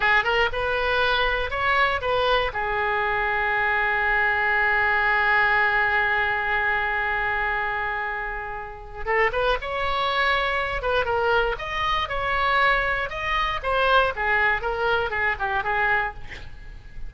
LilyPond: \new Staff \with { instrumentName = "oboe" } { \time 4/4 \tempo 4 = 119 gis'8 ais'8 b'2 cis''4 | b'4 gis'2.~ | gis'1~ | gis'1~ |
gis'2 a'8 b'8 cis''4~ | cis''4. b'8 ais'4 dis''4 | cis''2 dis''4 c''4 | gis'4 ais'4 gis'8 g'8 gis'4 | }